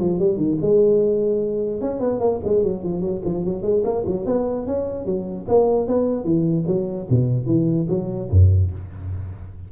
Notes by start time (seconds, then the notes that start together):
0.00 F3
0.19 G3
0.37 D#3
0.62 G#3
1.81 C#4
2.00 B3
2.20 A#3
2.45 G#3
2.64 F#3
2.84 F3
3.01 F#3
3.25 F3
3.45 F#3
3.63 G#3
3.85 A#3
4.07 F#3
4.26 B3
4.67 C#4
5.06 F#3
5.49 A#3
5.88 B3
6.25 E3
6.67 F#3
7.10 B2
7.47 E3
7.89 F#3
8.31 F#2